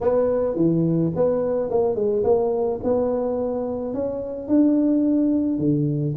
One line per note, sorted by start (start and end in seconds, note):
0.01 0.55 B3
0.55 1.11 E3
1.15 1.70 B3
1.70 1.95 A#3
1.95 2.23 G#3
2.23 2.79 A#3
2.83 3.94 B3
3.94 4.47 C#4
4.47 5.58 D4
5.58 6.14 D3